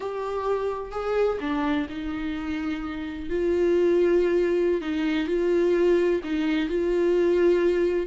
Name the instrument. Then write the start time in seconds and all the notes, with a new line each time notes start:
viola
0.00 G4
0.91 G#4
1.40 D4
1.89 D#4
3.29 F4
4.81 D#4
5.27 F4
6.23 D#4
6.69 F4